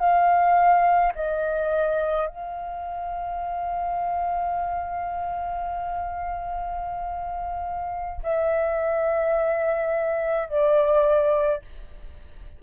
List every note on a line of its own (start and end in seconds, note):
0.00 1.13 F5
1.15 2.27 D#5
2.27 8.22 F5
8.23 10.49 E5
10.49 11.62 D5